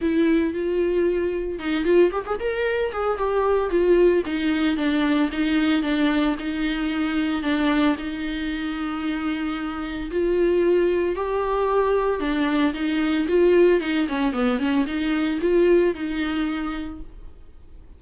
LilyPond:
\new Staff \with { instrumentName = "viola" } { \time 4/4 \tempo 4 = 113 e'4 f'2 dis'8 f'8 | g'16 gis'16 ais'4 gis'8 g'4 f'4 | dis'4 d'4 dis'4 d'4 | dis'2 d'4 dis'4~ |
dis'2. f'4~ | f'4 g'2 d'4 | dis'4 f'4 dis'8 cis'8 b8 cis'8 | dis'4 f'4 dis'2 | }